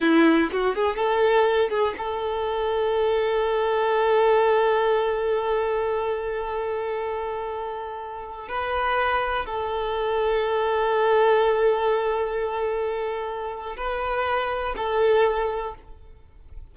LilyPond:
\new Staff \with { instrumentName = "violin" } { \time 4/4 \tempo 4 = 122 e'4 fis'8 gis'8 a'4. gis'8 | a'1~ | a'1~ | a'1~ |
a'4~ a'16 b'2 a'8.~ | a'1~ | a'1 | b'2 a'2 | }